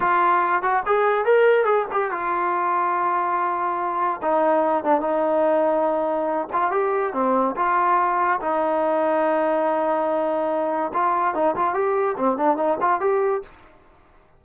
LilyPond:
\new Staff \with { instrumentName = "trombone" } { \time 4/4 \tempo 4 = 143 f'4. fis'8 gis'4 ais'4 | gis'8 g'8 f'2.~ | f'2 dis'4. d'8 | dis'2.~ dis'8 f'8 |
g'4 c'4 f'2 | dis'1~ | dis'2 f'4 dis'8 f'8 | g'4 c'8 d'8 dis'8 f'8 g'4 | }